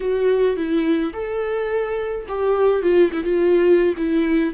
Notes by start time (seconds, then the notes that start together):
0.00 F#4
0.56 E4
1.13 A4
2.28 G4
2.82 F4
3.12 E4
3.23 F4
3.97 E4